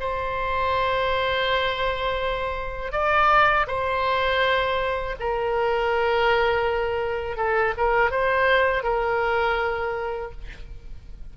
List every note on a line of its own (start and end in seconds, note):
0.00 2.92 C5
2.92 3.66 D5
3.67 5.15 C5
5.20 7.37 A#4
7.37 7.74 A4
7.77 8.11 A#4
8.11 8.83 C5
8.83 10.31 A#4